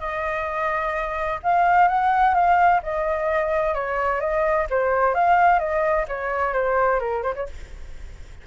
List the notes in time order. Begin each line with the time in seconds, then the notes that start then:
0.00 D#5
1.43 F5
1.88 F#5
2.34 F5
2.83 D#5
3.75 C#5
4.20 D#5
4.70 C5
5.15 F5
5.59 D#5
6.08 C#5
6.53 C5
7.00 A#4
7.23 C5
7.35 C#5